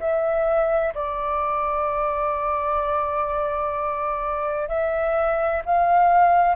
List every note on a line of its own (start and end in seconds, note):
0.00 0.94 E5
0.95 4.69 D5
4.69 5.62 E5
5.65 6.55 F5